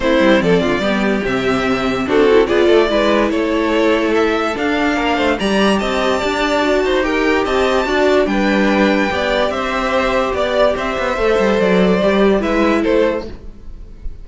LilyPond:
<<
  \new Staff \with { instrumentName = "violin" } { \time 4/4 \tempo 4 = 145 c''4 d''2 e''4~ | e''4 a'4 d''2 | cis''2 e''4 f''4~ | f''4 ais''4 a''2~ |
a''4 g''4 a''2 | g''2. e''4~ | e''4 d''4 e''2 | d''2 e''4 c''4 | }
  \new Staff \with { instrumentName = "violin" } { \time 4/4 e'4 a'8 f'8 g'2~ | g'4 fis'4 gis'8 a'8 b'4 | a'1 | ais'8 c''8 d''4 dis''4 d''4~ |
d''8 c''8 ais'4 dis''4 d''4 | b'2 d''4 c''4~ | c''4 d''4 c''2~ | c''2 b'4 a'4 | }
  \new Staff \with { instrumentName = "viola" } { \time 4/4 c'2 b4 c'4~ | c'4 d'8 e'8 f'4 e'4~ | e'2. d'4~ | d'4 g'2. |
fis'4 g'2 fis'4 | d'2 g'2~ | g'2. a'4~ | a'4 g'4 e'2 | }
  \new Staff \with { instrumentName = "cello" } { \time 4/4 a8 g8 f8 d8 g4 c4~ | c4 c'4 b8 a8 gis4 | a2. d'4 | ais8 a8 g4 c'4 d'4~ |
d'8 dis'4. c'4 d'4 | g2 b4 c'4~ | c'4 b4 c'8 b8 a8 g8 | fis4 g4 gis4 a4 | }
>>